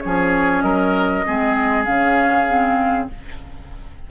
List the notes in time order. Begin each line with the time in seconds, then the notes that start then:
0.00 F3 C#4 G#4 C#5
0.61 F#3 A#4 D#5
1.25 G#3 C4 G#4
1.84 C#3 C#4 F5
2.48 C4